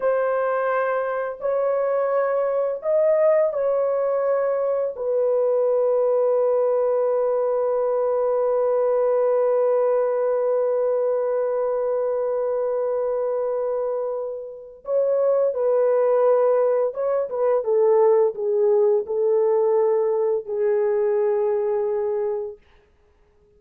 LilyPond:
\new Staff \with { instrumentName = "horn" } { \time 4/4 \tempo 4 = 85 c''2 cis''2 | dis''4 cis''2 b'4~ | b'1~ | b'1~ |
b'1~ | b'4 cis''4 b'2 | cis''8 b'8 a'4 gis'4 a'4~ | a'4 gis'2. | }